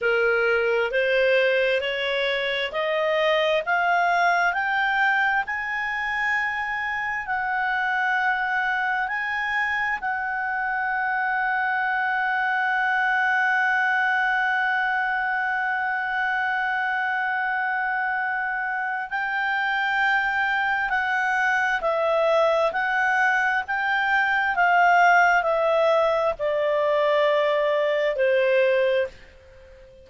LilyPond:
\new Staff \with { instrumentName = "clarinet" } { \time 4/4 \tempo 4 = 66 ais'4 c''4 cis''4 dis''4 | f''4 g''4 gis''2 | fis''2 gis''4 fis''4~ | fis''1~ |
fis''1~ | fis''4 g''2 fis''4 | e''4 fis''4 g''4 f''4 | e''4 d''2 c''4 | }